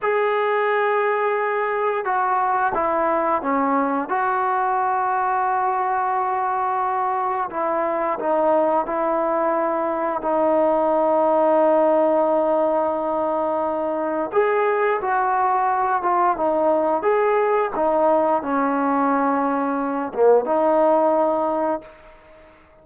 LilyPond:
\new Staff \with { instrumentName = "trombone" } { \time 4/4 \tempo 4 = 88 gis'2. fis'4 | e'4 cis'4 fis'2~ | fis'2. e'4 | dis'4 e'2 dis'4~ |
dis'1~ | dis'4 gis'4 fis'4. f'8 | dis'4 gis'4 dis'4 cis'4~ | cis'4. ais8 dis'2 | }